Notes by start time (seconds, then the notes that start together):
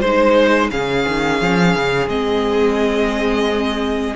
0.00 G#3 D#4 C5
0.71 C#3 C#4 G#4 F5
1.08 D#3
1.41 F3
1.75 C#3
2.07 G#3 C4 D#5